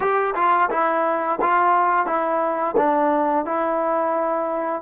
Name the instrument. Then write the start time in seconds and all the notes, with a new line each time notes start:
trombone
0.00 G4
0.34 F4
0.70 E4
1.41 F4
2.06 E4
2.76 D4
3.45 E4